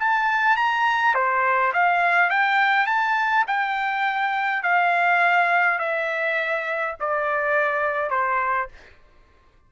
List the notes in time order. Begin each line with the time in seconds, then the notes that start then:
0.00 A5
0.57 A#5
1.15 C5
1.74 F5
2.30 G5
2.87 A5
3.48 G5
4.63 F5
5.79 E5
7.00 D5
8.11 C5